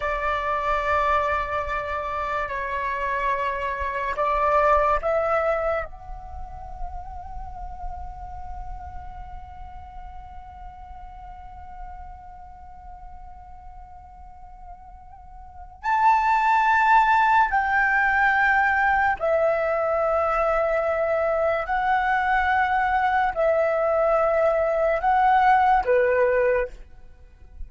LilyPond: \new Staff \with { instrumentName = "flute" } { \time 4/4 \tempo 4 = 72 d''2. cis''4~ | cis''4 d''4 e''4 fis''4~ | fis''1~ | fis''1~ |
fis''2. a''4~ | a''4 g''2 e''4~ | e''2 fis''2 | e''2 fis''4 b'4 | }